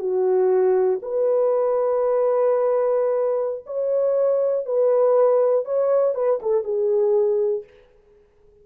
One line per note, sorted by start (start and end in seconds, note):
0.00 1.00 F#4
1.03 3.65 B4
3.67 4.66 C#5
4.66 5.65 B4
5.65 6.15 C#5
6.15 6.40 B4
6.42 6.65 A4
6.65 7.65 G#4